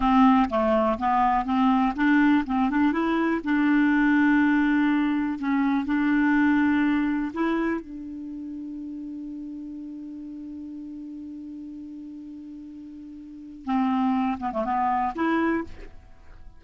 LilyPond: \new Staff \with { instrumentName = "clarinet" } { \time 4/4 \tempo 4 = 123 c'4 a4 b4 c'4 | d'4 c'8 d'8 e'4 d'4~ | d'2. cis'4 | d'2. e'4 |
d'1~ | d'1~ | d'1 | c'4. b16 a16 b4 e'4 | }